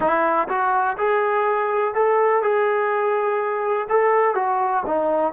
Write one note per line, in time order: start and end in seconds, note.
0.00 0.48 E4
0.48 0.96 F#4
0.97 1.94 G#4
1.94 2.42 A4
2.42 3.87 G#4
3.89 4.35 A4
4.35 4.83 F#4
4.86 5.32 D#4